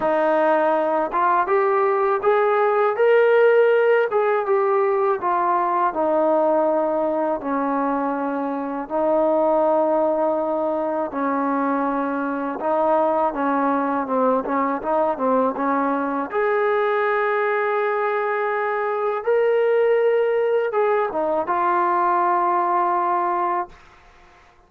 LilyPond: \new Staff \with { instrumentName = "trombone" } { \time 4/4 \tempo 4 = 81 dis'4. f'8 g'4 gis'4 | ais'4. gis'8 g'4 f'4 | dis'2 cis'2 | dis'2. cis'4~ |
cis'4 dis'4 cis'4 c'8 cis'8 | dis'8 c'8 cis'4 gis'2~ | gis'2 ais'2 | gis'8 dis'8 f'2. | }